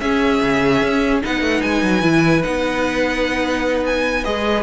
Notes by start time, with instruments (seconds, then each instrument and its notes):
0.00 cello C#4, viola C#4, violin G#4 E5
0.41 cello C#3
0.82 cello C#4
1.22 cello B3, viola D#4, violin B4 F#5
1.41 cello A3
1.61 cello G#3, violin G#5
1.82 cello F#3
2.02 cello E3, viola E4
2.43 cello B3, viola D#4, violin F#5
3.86 violin G#5
4.24 cello G#3, viola G#4, violin D#5